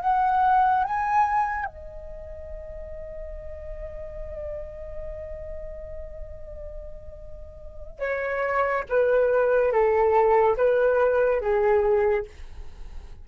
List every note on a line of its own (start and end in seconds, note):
0.00 0.83 F#5
0.83 1.65 G#5
1.65 7.99 D#5
7.99 8.83 C#5
8.88 9.71 B4
9.71 10.56 A4
10.56 11.40 B4
11.40 12.25 G#4